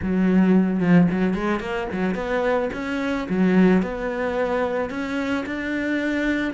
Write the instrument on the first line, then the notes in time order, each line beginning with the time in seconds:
cello
0.02 F#3
0.79 F3
1.11 F#3
1.34 G#3
1.60 A#3
1.92 F#3
2.14 B3
2.73 C#4
3.29 F#3
3.82 B3
4.90 C#4
5.46 D4